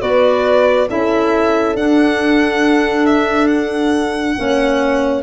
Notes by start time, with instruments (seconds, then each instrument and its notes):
0.00 tuba B3, clarinet F#4, horn B4, violin D5
0.89 tuba C#4, clarinet E4, horn A4, violin E5
1.75 tuba D4, clarinet D4, violin F#5
3.06 violin E5
3.48 violin F#5
4.36 tuba A#3, clarinet C#4, horn C#5